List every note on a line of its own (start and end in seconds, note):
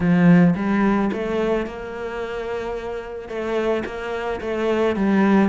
0.00 0.54 F3
0.55 1.10 G3
1.12 1.66 A3
1.66 3.28 A#3
3.28 3.83 A3
3.85 4.40 A#3
4.41 4.95 A3
4.95 5.49 G3